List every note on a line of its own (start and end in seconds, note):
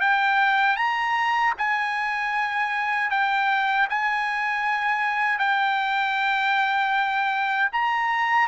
0.00 0.76 G5
0.76 1.53 A#5
1.58 3.10 G#5
3.10 3.87 G5
3.90 5.38 G#5
5.38 7.70 G5
7.72 8.48 A#5